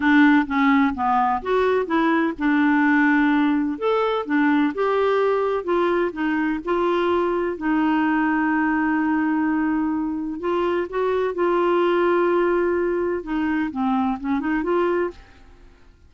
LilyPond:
\new Staff \with { instrumentName = "clarinet" } { \time 4/4 \tempo 4 = 127 d'4 cis'4 b4 fis'4 | e'4 d'2. | a'4 d'4 g'2 | f'4 dis'4 f'2 |
dis'1~ | dis'2 f'4 fis'4 | f'1 | dis'4 c'4 cis'8 dis'8 f'4 | }